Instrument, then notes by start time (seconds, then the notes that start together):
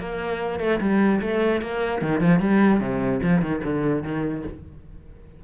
cello
0.00 A#3
0.60 A3
0.81 G3
1.22 A3
1.62 A#3
2.02 D#3
2.21 F3
2.40 G3
2.80 C3
3.23 F3
3.42 D#3
3.64 D3
4.04 D#3